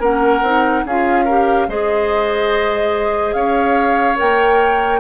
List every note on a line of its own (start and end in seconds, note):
0.00 0.42 A#3
0.00 0.43 C#4
0.00 0.84 A#4
0.00 0.86 F#5
0.42 0.83 C4
0.42 0.86 D#4
0.85 1.68 C#4
0.85 1.28 F4
0.85 1.25 G#4
0.85 1.70 F5
1.25 1.69 G4
1.25 1.66 A#4
1.68 3.34 G#3
1.68 4.15 G#4
1.68 3.35 C5
1.68 3.33 D#5
3.33 4.17 C#4
3.33 5.00 C#5
3.33 4.16 F5
4.15 5.00 A#3
4.15 4.99 A#4
4.15 5.00 G5